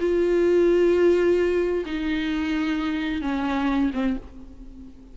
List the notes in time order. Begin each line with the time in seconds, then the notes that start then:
0.00 F4
1.86 D#4
3.22 C#4
3.94 C4